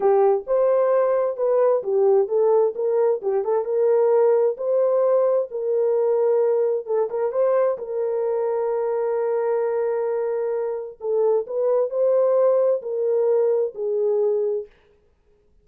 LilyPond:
\new Staff \with { instrumentName = "horn" } { \time 4/4 \tempo 4 = 131 g'4 c''2 b'4 | g'4 a'4 ais'4 g'8 a'8 | ais'2 c''2 | ais'2. a'8 ais'8 |
c''4 ais'2.~ | ais'1 | a'4 b'4 c''2 | ais'2 gis'2 | }